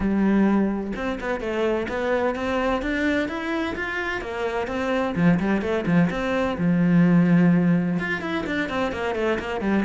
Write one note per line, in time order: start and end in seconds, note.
0.00 0.92 G3
0.95 1.19 C4
1.20 1.40 B3
1.40 1.87 A3
1.88 2.35 B3
2.35 2.81 C4
2.81 3.28 D4
3.28 3.75 E4
3.75 4.21 F4
4.21 4.67 A#3
4.67 5.14 C4
5.15 5.39 F3
5.39 5.61 G3
5.61 5.84 A3
5.86 6.09 F3
6.10 6.57 C4
6.58 7.98 F3
7.99 8.21 F4
8.21 8.44 E4
8.46 8.69 D4
8.69 8.92 C4
8.92 9.15 A#3
9.15 9.38 A3
9.39 9.61 A#3
9.61 9.84 G3